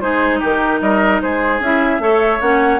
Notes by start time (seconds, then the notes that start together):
0.00 G#3 D#4 G#4 C5
0.39 D#3 G4 A#4
0.80 G3 A#4 D#5
1.21 G#3 G#4 C5
1.59 C#4 E4 E5
1.99 A3 A4 C#5
2.41 A#3 C#4 F#5